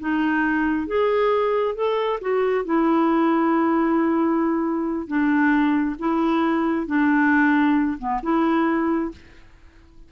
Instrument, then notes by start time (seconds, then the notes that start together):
clarinet
0.00 D#4
0.87 G#4
1.75 A4
2.21 F#4
2.65 E4
5.07 D4
5.99 E4
6.87 D4
7.99 B3
8.23 E4